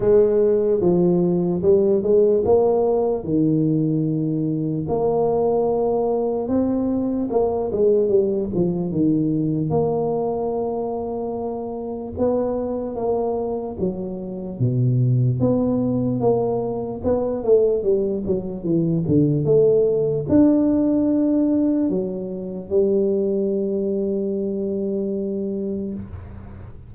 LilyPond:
\new Staff \with { instrumentName = "tuba" } { \time 4/4 \tempo 4 = 74 gis4 f4 g8 gis8 ais4 | dis2 ais2 | c'4 ais8 gis8 g8 f8 dis4 | ais2. b4 |
ais4 fis4 b,4 b4 | ais4 b8 a8 g8 fis8 e8 d8 | a4 d'2 fis4 | g1 | }